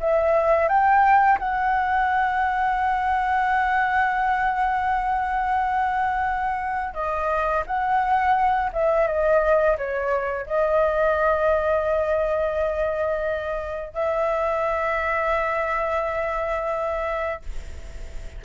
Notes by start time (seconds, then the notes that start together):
0.00 E5
0.68 G5
1.39 F#5
6.94 D#5
7.66 F#5
8.73 E5
9.07 D#5
9.77 C#5
10.46 D#5
13.93 E5